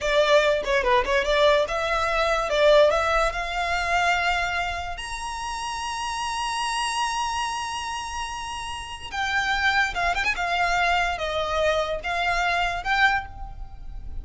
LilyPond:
\new Staff \with { instrumentName = "violin" } { \time 4/4 \tempo 4 = 145 d''4. cis''8 b'8 cis''8 d''4 | e''2 d''4 e''4 | f''1 | ais''1~ |
ais''1~ | ais''2 g''2 | f''8 g''16 gis''16 f''2 dis''4~ | dis''4 f''2 g''4 | }